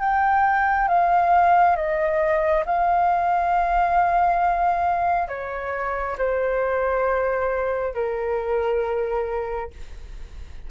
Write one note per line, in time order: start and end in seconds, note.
0.00 0.88 G5
0.88 1.76 F5
1.76 2.64 D#5
2.66 5.28 F5
5.28 6.16 C#5
6.18 7.94 C5
7.94 9.70 A#4